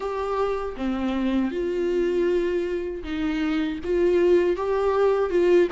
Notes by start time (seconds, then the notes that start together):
0.00 G4
0.76 C4
1.51 F4
3.03 D#4
3.84 F4
4.56 G4
5.30 F4